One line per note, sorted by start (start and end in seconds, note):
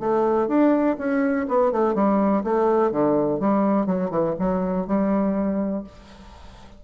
0.00 0.48 A3
0.48 0.97 D4
0.99 1.47 C#4
1.48 1.72 B3
1.72 1.95 A3
1.95 2.43 G3
2.44 2.92 A3
2.92 3.40 D3
3.40 3.87 G3
3.87 4.11 F#3
4.11 4.35 E3
4.39 4.87 F#3
4.87 5.84 G3